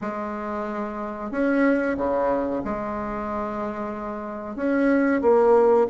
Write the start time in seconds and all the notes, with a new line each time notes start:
0.01 G#3
1.31 C#4
1.97 C#3
2.64 G#3
4.56 C#4
5.21 A#3